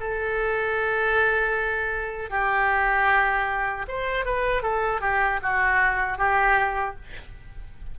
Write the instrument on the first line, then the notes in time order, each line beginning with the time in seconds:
oboe
0.00 A4
2.30 G4
3.89 C5
4.25 B4
4.63 A4
5.01 G4
5.43 F#4
6.18 G4